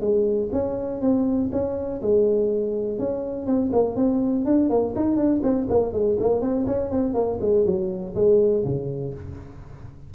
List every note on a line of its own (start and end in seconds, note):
0.00 0.49 G#3
0.52 1.01 C#4
1.01 1.50 C4
1.52 2.01 C#4
2.01 2.98 G#3
2.98 3.46 C#4
3.46 3.71 C4
3.72 3.96 A#3
3.96 4.45 C4
4.45 4.69 D4
4.69 4.94 A#3
4.95 5.16 D#4
5.16 5.41 D4
5.43 5.67 C4
5.69 5.92 A#3
5.92 6.17 G#3
6.19 6.41 A#3
6.41 6.65 C4
6.66 6.90 C#4
6.90 7.14 C4
7.14 7.38 A#3
7.41 7.65 G#3
7.65 8.14 F#3
8.15 8.64 G#3
8.64 9.13 C#3